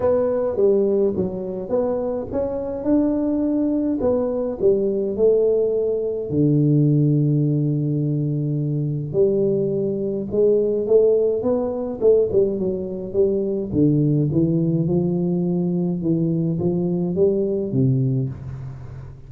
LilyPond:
\new Staff \with { instrumentName = "tuba" } { \time 4/4 \tempo 4 = 105 b4 g4 fis4 b4 | cis'4 d'2 b4 | g4 a2 d4~ | d1 |
g2 gis4 a4 | b4 a8 g8 fis4 g4 | d4 e4 f2 | e4 f4 g4 c4 | }